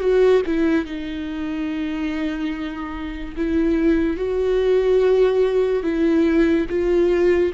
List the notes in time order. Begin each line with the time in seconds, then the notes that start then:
0.00 F#4
0.46 E4
0.85 D#4
3.36 E4
4.17 F#4
5.83 E4
6.69 F4